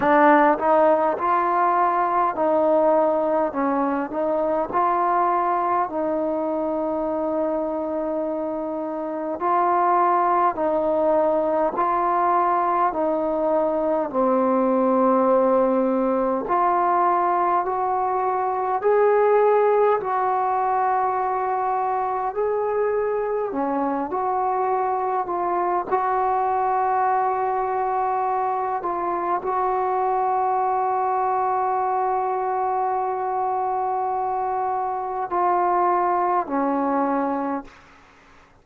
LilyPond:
\new Staff \with { instrumentName = "trombone" } { \time 4/4 \tempo 4 = 51 d'8 dis'8 f'4 dis'4 cis'8 dis'8 | f'4 dis'2. | f'4 dis'4 f'4 dis'4 | c'2 f'4 fis'4 |
gis'4 fis'2 gis'4 | cis'8 fis'4 f'8 fis'2~ | fis'8 f'8 fis'2.~ | fis'2 f'4 cis'4 | }